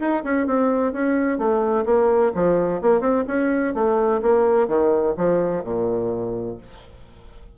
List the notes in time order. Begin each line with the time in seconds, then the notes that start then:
0.00 D#4
0.24 C#4
0.47 C4
0.93 C#4
1.38 A3
1.86 A#3
2.35 F3
2.82 A#3
3.01 C4
3.27 C#4
3.74 A3
4.23 A#3
4.68 D#3
5.17 F3
5.64 A#2